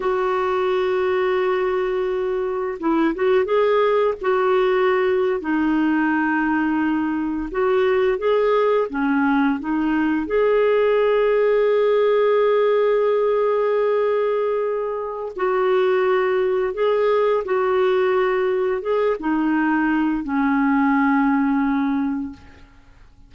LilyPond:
\new Staff \with { instrumentName = "clarinet" } { \time 4/4 \tempo 4 = 86 fis'1 | e'8 fis'8 gis'4 fis'4.~ fis'16 dis'16~ | dis'2~ dis'8. fis'4 gis'16~ | gis'8. cis'4 dis'4 gis'4~ gis'16~ |
gis'1~ | gis'2 fis'2 | gis'4 fis'2 gis'8 dis'8~ | dis'4 cis'2. | }